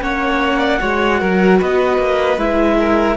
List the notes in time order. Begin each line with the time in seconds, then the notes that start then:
0.00 A#3 C#4 C#5 F#5
0.59 D5
0.79 G#3 F#4 C#5
1.20 F#3 A#4
1.58 B3 B4 D#5
1.98 A#3
2.37 G#3 E4 E5
2.78 A#4